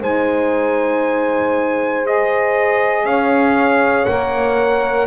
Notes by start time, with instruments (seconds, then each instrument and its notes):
0.00 double bass G#3, saxophone D#4, horn C5, trumpet G#5
2.04 saxophone G#4, trumpet D#5
3.04 double bass C#4, horn C#5, trumpet F5
4.05 double bass A#3, saxophone A#4, trumpet F#5